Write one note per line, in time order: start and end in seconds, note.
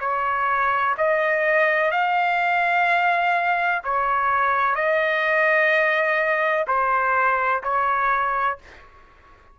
0.00 0.95 C#5
0.98 1.91 D#5
1.91 3.82 F5
3.84 4.75 C#5
4.75 6.66 D#5
6.67 7.62 C5
7.63 8.58 C#5